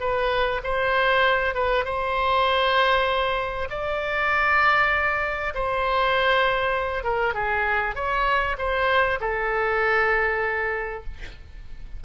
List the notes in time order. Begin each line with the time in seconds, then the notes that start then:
0.00 B4
0.63 C5
1.54 B4
1.85 C5
3.70 D5
5.54 C5
7.04 A#4
7.34 G#4
7.95 C#5
8.58 C5
9.20 A4